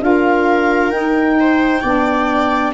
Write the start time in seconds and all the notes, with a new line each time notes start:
0.00 D4 F4 A#4 F5
0.90 D#4 G5
1.40 C5
1.81 B3 D4 D5